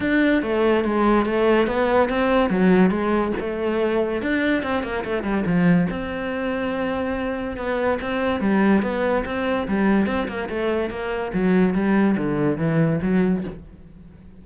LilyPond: \new Staff \with { instrumentName = "cello" } { \time 4/4 \tempo 4 = 143 d'4 a4 gis4 a4 | b4 c'4 fis4 gis4 | a2 d'4 c'8 ais8 | a8 g8 f4 c'2~ |
c'2 b4 c'4 | g4 b4 c'4 g4 | c'8 ais8 a4 ais4 fis4 | g4 d4 e4 fis4 | }